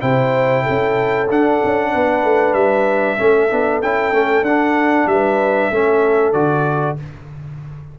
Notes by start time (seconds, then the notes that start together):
0.00 C3 E4 C5 G5
0.63 C#4 A4
1.30 D4 F#5
1.64 C#4
1.92 B3 B4
2.23 A3
2.53 G3 E5
3.17 A3 C#4 A4
3.50 B3 D4
3.82 C#4 E4 G5
4.12 A3 C#4
4.42 D4 F#5
5.06 G3 B4 E5
5.70 A3 C#4 A4
6.32 D3 F#4 D5